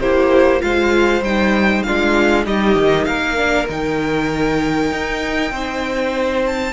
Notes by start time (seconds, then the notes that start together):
0.00 A#3 E4 G4 C5
0.60 G#3 F4 C5 F5
1.21 G3 D#4 G5
1.83 G#3 D4 F4 F5
2.45 G3 D#4 G4 D#5
2.76 D#3
3.05 A#3 A#4 F5
3.37 D4
3.69 D#3 D#4 G5
4.91 D#4
5.51 C4 C5
6.46 A5